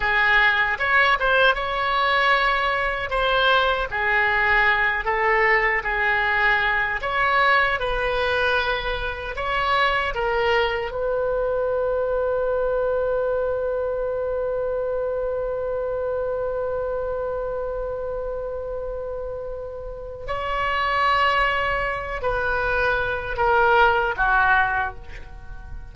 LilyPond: \new Staff \with { instrumentName = "oboe" } { \time 4/4 \tempo 4 = 77 gis'4 cis''8 c''8 cis''2 | c''4 gis'4. a'4 gis'8~ | gis'4 cis''4 b'2 | cis''4 ais'4 b'2~ |
b'1~ | b'1~ | b'2 cis''2~ | cis''8 b'4. ais'4 fis'4 | }